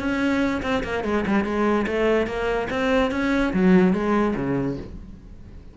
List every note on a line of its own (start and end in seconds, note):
0.00 0.62 C#4
0.63 0.84 C4
0.84 1.05 A#3
1.05 1.25 G#3
1.27 1.45 G3
1.45 1.86 G#3
1.87 2.27 A3
2.27 2.69 A#3
2.70 3.12 C4
3.12 3.53 C#4
3.54 3.94 F#3
3.94 4.35 G#3
4.36 4.78 C#3